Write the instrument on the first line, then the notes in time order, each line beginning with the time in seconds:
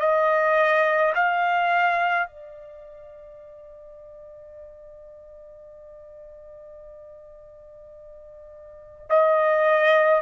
trumpet
0.00 D#5
1.15 F5
2.27 D5
9.10 D#5